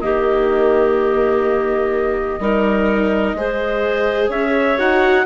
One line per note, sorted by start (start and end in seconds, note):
0.00 2.39 D#3
0.00 2.39 A#3
0.00 2.40 G4
0.00 4.29 D#5
2.39 3.34 G3
2.39 3.37 D#4
2.39 3.35 A#4
3.34 4.29 G#3
3.34 4.78 G#4
3.34 4.29 C5
4.29 4.76 C#4
4.29 5.24 C#5
4.29 4.78 E5
4.78 5.26 D#4
4.78 5.25 F#4
4.78 5.26 F#5